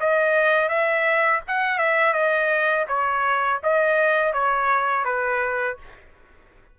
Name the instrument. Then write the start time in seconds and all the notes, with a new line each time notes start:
trumpet
0.00 D#5
0.69 E5
1.48 F#5
1.78 E5
2.13 D#5
2.88 C#5
3.63 D#5
4.33 C#5
5.05 B4